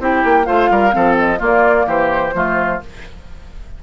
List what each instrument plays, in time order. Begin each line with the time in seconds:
0.00 bassoon C4, clarinet E4, oboe G4, flute G5
0.25 bassoon A#3
0.45 bassoon A3, clarinet F4, oboe C5, flute F5
0.71 bassoon G3, oboe A#4
0.91 bassoon F3, clarinet C4, oboe A4
1.18 flute D#5
1.39 clarinet A#3, bassoon A#3, oboe F4, flute D5
1.87 bassoon E3, oboe G4, flute C5
2.34 bassoon F3, clarinet A3, oboe F4